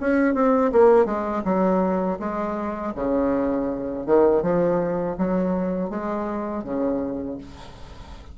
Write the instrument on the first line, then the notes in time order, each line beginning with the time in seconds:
bassoon
0.00 C#4
0.34 C4
0.72 A#3
1.05 G#3
1.44 F#3
2.19 G#3
2.95 C#3
4.06 D#3
4.42 F3
5.18 F#3
5.90 G#3
6.64 C#3